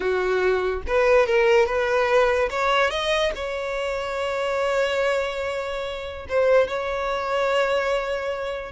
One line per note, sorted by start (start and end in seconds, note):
0.00 0.82 F#4
0.87 1.26 B4
1.26 1.66 A#4
1.66 2.49 B4
2.49 2.90 C#5
2.90 3.31 D#5
3.35 6.26 C#5
6.28 6.67 C5
6.67 8.72 C#5